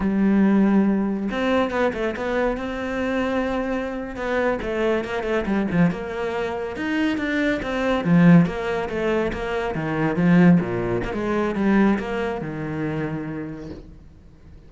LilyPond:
\new Staff \with { instrumentName = "cello" } { \time 4/4 \tempo 4 = 140 g2. c'4 | b8 a8 b4 c'2~ | c'4.~ c'16 b4 a4 ais16~ | ais16 a8 g8 f8 ais2 dis'16~ |
dis'8. d'4 c'4 f4 ais16~ | ais8. a4 ais4 dis4 f16~ | f8. ais,4 ais16 gis4 g4 | ais4 dis2. | }